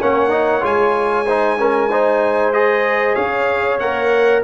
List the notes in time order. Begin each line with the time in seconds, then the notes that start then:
0.00 A#3 C#4 C#5 F#5
0.30 D#4
0.61 G#3 F4 G#5
1.26 D#4 C5
1.59 C#4 A#4
1.91 D#4 C5
2.53 G#4 D#5
3.15 C#4 C#5 F5
3.80 A#3 A#4 F#5